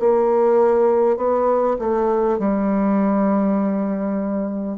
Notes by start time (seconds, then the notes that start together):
0.00 A#3
1.17 B3
1.79 A3
2.39 G3